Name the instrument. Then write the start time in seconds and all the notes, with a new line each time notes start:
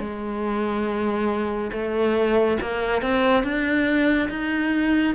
cello
0.00 G#3
1.73 A3
2.61 A#3
3.02 C4
3.44 D4
4.30 D#4